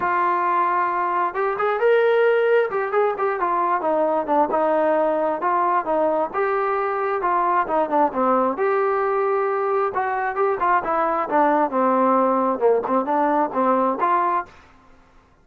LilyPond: \new Staff \with { instrumentName = "trombone" } { \time 4/4 \tempo 4 = 133 f'2. g'8 gis'8 | ais'2 g'8 gis'8 g'8 f'8~ | f'8 dis'4 d'8 dis'2 | f'4 dis'4 g'2 |
f'4 dis'8 d'8 c'4 g'4~ | g'2 fis'4 g'8 f'8 | e'4 d'4 c'2 | ais8 c'8 d'4 c'4 f'4 | }